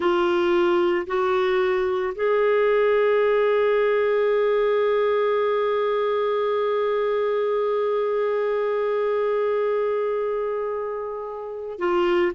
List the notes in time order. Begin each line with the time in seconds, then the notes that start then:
0.00 F4
1.06 F#4
2.14 G#4
11.79 F4